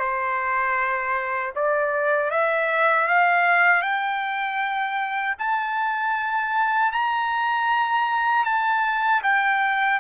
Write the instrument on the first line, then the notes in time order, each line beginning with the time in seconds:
trumpet
0.00 C5
1.56 D5
2.31 E5
3.08 F5
3.82 G5
5.39 A5
6.93 A#5
8.45 A5
9.23 G5